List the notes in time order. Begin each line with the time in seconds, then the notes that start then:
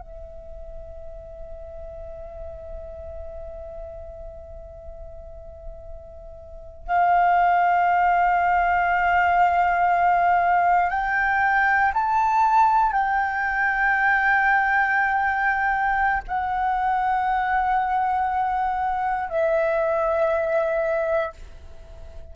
0.00 E5
6.86 F5
10.90 G5
11.94 A5
12.92 G5
16.27 F#5
19.29 E5